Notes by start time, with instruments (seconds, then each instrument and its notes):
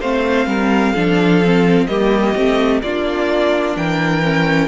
0.00 cello A3, viola C4, violin C5 F5
0.46 cello G3, violin A#4
0.92 cello F3, viola D4, violin A4
1.45 viola C4
1.87 cello G3, viola A#3, violin G4 D#5
2.35 cello A3, viola C4
2.82 cello A#3, viola D4, violin F4 D5
3.76 cello E3, violin A#4 G5
4.23 viola C#4